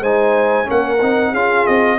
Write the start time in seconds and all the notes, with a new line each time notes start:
0.00 G#3 D#4 C5 G#5
0.64 C#4 A#4 F#5
0.70 A#3
1.01 C4 D#4
1.31 C#4 F4 G#4 F5
1.66 C4 D#5